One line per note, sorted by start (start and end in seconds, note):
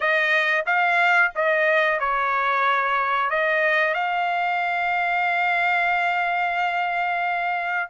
0.00 0.64 D#5
0.66 1.32 F5
1.35 1.99 D#5
1.99 3.30 C#5
3.30 3.94 D#5
3.94 7.89 F5